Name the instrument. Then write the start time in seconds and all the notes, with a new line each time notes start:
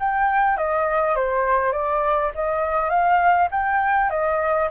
flute
0.00 G5
0.57 D#5
1.16 C5
1.72 D5
2.35 D#5
2.90 F5
3.51 G5
4.10 D#5